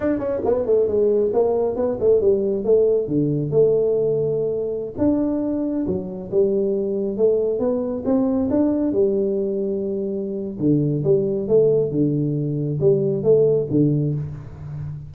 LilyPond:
\new Staff \with { instrumentName = "tuba" } { \time 4/4 \tempo 4 = 136 d'8 cis'8 b8 a8 gis4 ais4 | b8 a8 g4 a4 d4 | a2.~ a16 d'8.~ | d'4~ d'16 fis4 g4.~ g16~ |
g16 a4 b4 c'4 d'8.~ | d'16 g2.~ g8. | d4 g4 a4 d4~ | d4 g4 a4 d4 | }